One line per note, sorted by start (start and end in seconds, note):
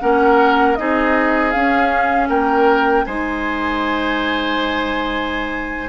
0.00 0.79 A#3
0.00 0.77 C#4
0.00 0.78 A#4
0.00 0.76 F#5
0.76 1.55 C4
0.76 1.53 D#4
0.76 2.29 G#4
0.76 1.51 D#5
1.51 2.29 C#4
1.51 3.06 C#4
1.51 2.27 F5
2.29 3.05 A#3
2.29 3.05 A#4
2.29 3.05 G5
3.05 5.88 G#3
3.05 5.88 D#4
3.05 5.88 C5
3.05 5.88 G#5